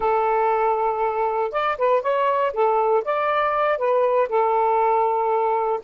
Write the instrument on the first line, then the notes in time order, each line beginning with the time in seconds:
saxophone
0.00 A4
1.51 D5
1.78 B4
2.02 C#5
2.53 A4
3.04 D5
3.77 B4
4.28 A4